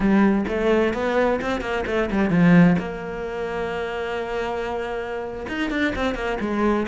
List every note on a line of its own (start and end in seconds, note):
0.00 0.45 G3
0.48 0.93 A3
0.93 1.40 B3
1.41 1.60 C4
1.60 1.84 A#3
1.86 2.09 A3
2.11 2.30 G3
2.30 2.76 F3
2.79 5.46 A#3
5.48 5.70 D#4
5.70 5.93 D4
5.95 6.15 C4
6.15 6.38 A#3
6.40 6.86 G#3